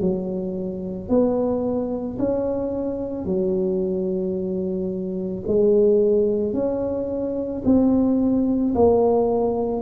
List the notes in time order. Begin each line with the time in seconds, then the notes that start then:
0.00 F#3
1.09 B3
2.18 C#4
3.25 F#3
5.47 G#3
6.53 C#4
7.65 C4
8.75 A#3